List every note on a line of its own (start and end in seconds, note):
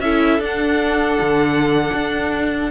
0.00 0.38 C#4
0.00 0.41 E4
0.00 2.71 A4
0.00 0.40 E5
0.38 1.18 D4
0.38 2.71 D4
0.45 2.71 F#5
1.21 1.91 D3
1.93 2.71 D4